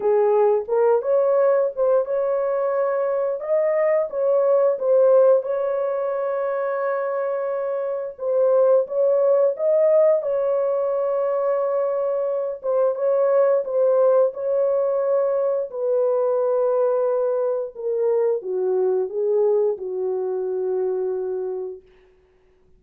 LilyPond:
\new Staff \with { instrumentName = "horn" } { \time 4/4 \tempo 4 = 88 gis'4 ais'8 cis''4 c''8 cis''4~ | cis''4 dis''4 cis''4 c''4 | cis''1 | c''4 cis''4 dis''4 cis''4~ |
cis''2~ cis''8 c''8 cis''4 | c''4 cis''2 b'4~ | b'2 ais'4 fis'4 | gis'4 fis'2. | }